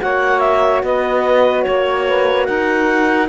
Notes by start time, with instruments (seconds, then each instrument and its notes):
0.00 cello A#3, horn F#4, saxophone C#5, clarinet F#5
0.39 clarinet E5
0.83 cello B3, saxophone B4, clarinet D#5
1.63 cello A#3, clarinet C#5, saxophone C#5
2.07 saxophone B4
2.45 cello D#4, saxophone A#4, clarinet F#5